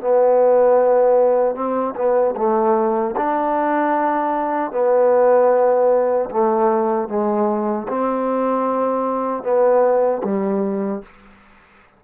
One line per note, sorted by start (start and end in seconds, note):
0.00 1.55 B3
1.55 1.94 C4
1.95 2.35 B3
2.36 3.15 A3
3.16 4.71 D4
4.71 6.29 B3
6.30 7.08 A3
7.08 7.87 G#3
7.88 9.43 C4
9.43 10.22 B3
10.23 11.02 G3